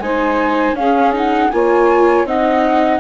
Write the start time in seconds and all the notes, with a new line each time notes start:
0.00 G#3 D#4 C5 G#5
0.73 C#4 G#4 F5
1.13 D#4 F#5
1.51 A#3 F4 C#5 G#5
2.25 C4 D#4 D#5 F#5